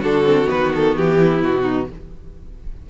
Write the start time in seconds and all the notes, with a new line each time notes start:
0.00 D3 D4 F#4 A4
0.24 C4
0.46 D#3 B3 B4
0.75 A4
0.97 E3 G4
1.20 E4
1.43 B2 F#4
1.62 D#4